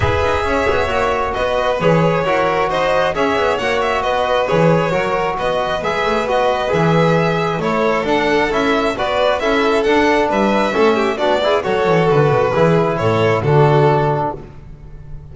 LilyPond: <<
  \new Staff \with { instrumentName = "violin" } { \time 4/4 \tempo 4 = 134 e''2. dis''4 | cis''2 dis''4 e''4 | fis''8 e''8 dis''4 cis''2 | dis''4 e''4 dis''4 e''4~ |
e''4 cis''4 fis''4 e''4 | d''4 e''4 fis''4 e''4~ | e''4 d''4 cis''4 b'4~ | b'4 cis''4 a'2 | }
  \new Staff \with { instrumentName = "violin" } { \time 4/4 b'4 cis''2 b'4~ | b'4 ais'4 c''4 cis''4~ | cis''4 b'2 ais'4 | b'1~ |
b'4 a'2. | b'4 a'2 b'4 | a'8 g'8 fis'8 gis'8 a'2 | gis'4 a'4 fis'2 | }
  \new Staff \with { instrumentName = "trombone" } { \time 4/4 gis'2 fis'2 | gis'4 fis'2 gis'4 | fis'2 gis'4 fis'4~ | fis'4 gis'4 fis'4 gis'4~ |
gis'4 e'4 d'4 e'4 | fis'4 e'4 d'2 | cis'4 d'8 e'8 fis'2 | e'2 d'2 | }
  \new Staff \with { instrumentName = "double bass" } { \time 4/4 e'8 dis'8 cis'8 b8 ais4 b4 | e4 e'4 dis'4 cis'8 b8 | ais4 b4 e4 fis4 | b4 gis8 a8 b4 e4~ |
e4 a4 d'4 cis'4 | b4 cis'4 d'4 g4 | a4 b4 fis8 e8 d8 b,8 | e4 a,4 d2 | }
>>